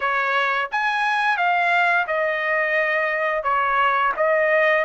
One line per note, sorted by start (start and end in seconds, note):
0.00 0.69 C#5
0.71 1.37 G#5
1.37 2.06 F5
2.07 3.43 D#5
3.43 4.12 C#5
4.16 4.84 D#5